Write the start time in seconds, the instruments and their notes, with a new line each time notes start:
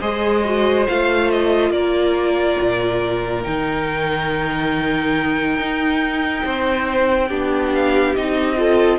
0.00 cello G#3, viola G#4, violin C5 D#5
0.45 viola F#4
0.87 cello A3, viola F4, violin F5
1.31 violin D#5
1.70 cello A#3, violin A#4 D5
2.61 cello A#2
3.42 cello D#3, viola D#4, violin G5
5.57 cello D#4
6.44 cello C4, violin C5
7.28 cello B3, viola D4, violin G4
7.74 violin F5
8.15 cello C4, viola D#4, violin D#5
8.56 viola F4, violin A4